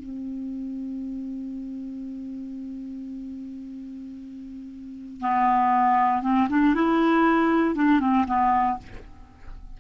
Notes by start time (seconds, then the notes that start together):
0.00 C4
5.21 B3
6.23 C4
6.50 D4
6.75 E4
7.75 D4
8.00 C4
8.27 B3